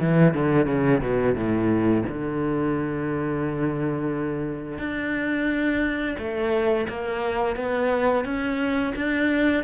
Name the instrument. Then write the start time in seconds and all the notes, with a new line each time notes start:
cello
0.00 E3
0.34 D3
0.66 C#3
1.01 B2
1.35 A2
2.09 D3
4.79 D4
6.19 A3
6.89 A#3
7.56 B3
8.25 C#4
8.96 D4